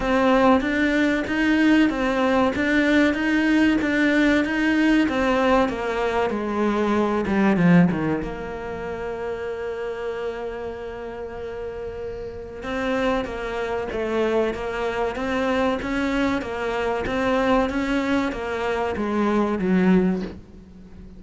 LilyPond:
\new Staff \with { instrumentName = "cello" } { \time 4/4 \tempo 4 = 95 c'4 d'4 dis'4 c'4 | d'4 dis'4 d'4 dis'4 | c'4 ais4 gis4. g8 | f8 dis8 ais2.~ |
ais1 | c'4 ais4 a4 ais4 | c'4 cis'4 ais4 c'4 | cis'4 ais4 gis4 fis4 | }